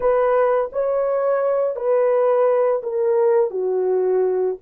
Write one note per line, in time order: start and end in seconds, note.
0.00 0.70 B4
0.72 1.76 C#5
1.76 2.82 B4
2.82 3.50 A#4
3.50 4.56 F#4